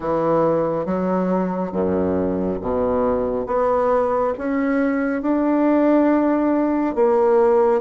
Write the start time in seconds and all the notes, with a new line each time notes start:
0.00 E3
0.85 F#3
1.72 F#2
2.61 B2
3.46 B3
4.38 C#4
5.22 D4
6.95 A#3